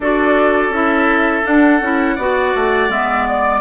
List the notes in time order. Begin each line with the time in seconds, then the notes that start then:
0.00 D4 F#4 A4 D5
0.69 C#4 E4 E5
1.43 D4 F#5
1.81 C#4 E4
2.15 B3 F#4 D5
2.54 A3
2.88 G#3 B3 E5
3.28 D5